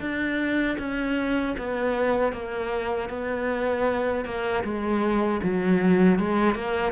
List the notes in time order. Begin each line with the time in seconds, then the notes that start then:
0.00 D4
0.79 C#4
1.58 B3
2.33 A#3
3.09 B3
4.25 A#3
4.64 G#3
5.43 F#3
6.19 G#3
6.55 A#3